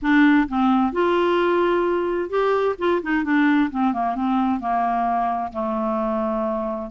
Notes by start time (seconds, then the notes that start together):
0.01 D4
0.48 C4
0.92 F4
2.29 G4
2.78 F4
3.02 D#4
3.23 D4
3.70 C4
3.93 A#3
4.15 C4
4.59 A#3
5.52 A3